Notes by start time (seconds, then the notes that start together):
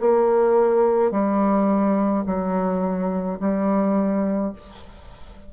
0.00 A#3
1.12 G3
2.26 F#3
3.40 G3